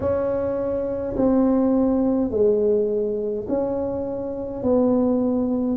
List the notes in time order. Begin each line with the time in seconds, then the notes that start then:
0.00 C#4
1.16 C4
2.31 G#3
3.48 C#4
4.62 B3